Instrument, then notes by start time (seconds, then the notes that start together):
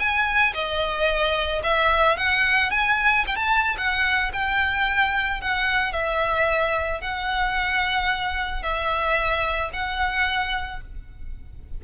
violin
0.00 G#5
0.54 D#5
1.64 E5
2.17 F#5
2.71 G#5
3.28 G5
3.36 A5
3.78 F#5
4.34 G5
5.42 F#5
5.93 E5
7.01 F#5
8.63 E5
9.73 F#5